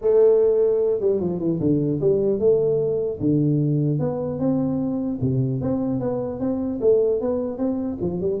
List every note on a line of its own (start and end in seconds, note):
0.01 1.00 A3
1.00 1.20 G3
1.20 1.39 F3
1.39 1.59 E3
1.60 2.00 D3
2.01 2.39 G3
2.39 3.19 A3
3.20 3.99 D3
3.99 4.39 B3
4.39 5.19 C4
5.21 5.61 C3
5.61 6.00 C4
6.00 6.39 B3
6.39 6.79 C4
6.81 7.20 A3
7.20 7.57 B3
7.57 7.97 C4
8.01 8.20 F3
8.20 8.40 G3